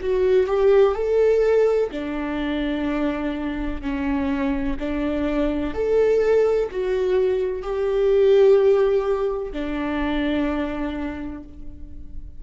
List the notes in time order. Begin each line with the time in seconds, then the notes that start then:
0.00 F#4
0.47 G4
0.94 A4
1.91 D4
3.81 C#4
4.79 D4
5.74 A4
6.70 F#4
7.62 G4
9.52 D4